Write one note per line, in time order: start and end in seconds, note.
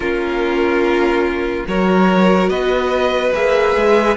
0.00 1.64 A#3
0.00 1.68 C#4
0.00 1.66 F4
0.00 1.66 A#4
1.67 2.49 F#3
1.67 3.33 F#4
1.67 2.50 A#4
1.67 2.49 C#5
2.49 3.32 B3
2.49 4.16 B4
2.49 3.32 D#5
3.33 3.75 A#3
3.33 4.16 G#4
3.33 4.16 E5
3.75 4.16 G#3